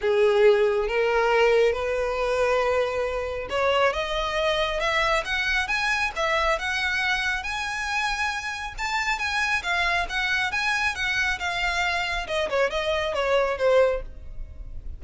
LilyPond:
\new Staff \with { instrumentName = "violin" } { \time 4/4 \tempo 4 = 137 gis'2 ais'2 | b'1 | cis''4 dis''2 e''4 | fis''4 gis''4 e''4 fis''4~ |
fis''4 gis''2. | a''4 gis''4 f''4 fis''4 | gis''4 fis''4 f''2 | dis''8 cis''8 dis''4 cis''4 c''4 | }